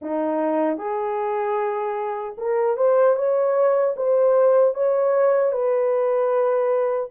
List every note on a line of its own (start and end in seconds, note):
0.01 0.77 D#4
0.77 2.35 G#4
2.37 2.76 A#4
2.76 3.16 C5
3.16 3.95 C#5
3.96 4.74 C5
4.74 5.52 C#5
5.52 7.09 B4